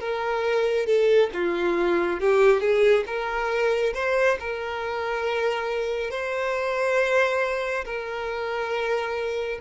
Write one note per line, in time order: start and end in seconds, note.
0.00 0.86 A#4
0.86 1.30 A4
1.33 2.20 F4
2.20 2.60 G4
2.60 3.04 G#4
3.06 3.93 A#4
3.94 4.38 C5
4.40 6.11 A#4
6.11 7.85 C5
7.85 9.59 A#4